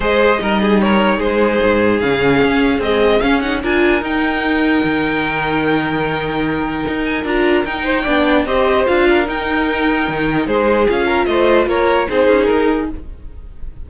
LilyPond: <<
  \new Staff \with { instrumentName = "violin" } { \time 4/4 \tempo 4 = 149 dis''2 cis''4 c''4~ | c''4 f''2 dis''4 | f''8 fis''8 gis''4 g''2~ | g''1~ |
g''4. gis''8 ais''4 g''4~ | g''4 dis''4 f''4 g''4~ | g''2 c''4 f''4 | dis''4 cis''4 c''4 ais'4 | }
  \new Staff \with { instrumentName = "violin" } { \time 4/4 c''4 ais'8 gis'8 ais'4 gis'4~ | gis'1~ | gis'4 ais'2.~ | ais'1~ |
ais'2.~ ais'8 c''8 | d''4 c''4. ais'4.~ | ais'2 gis'4. ais'8 | c''4 ais'4 gis'2 | }
  \new Staff \with { instrumentName = "viola" } { \time 4/4 gis'4 dis'2.~ | dis'4 cis'2 gis4 | cis'8 dis'8 f'4 dis'2~ | dis'1~ |
dis'2 f'4 dis'4 | d'4 g'4 f'4 dis'4~ | dis'2. f'4~ | f'2 dis'2 | }
  \new Staff \with { instrumentName = "cello" } { \time 4/4 gis4 g2 gis4 | gis,4 cis4 cis'4 c'4 | cis'4 d'4 dis'2 | dis1~ |
dis4 dis'4 d'4 dis'4 | b4 c'4 d'4 dis'4~ | dis'4 dis4 gis4 cis'4 | a4 ais4 c'8 cis'8 dis'4 | }
>>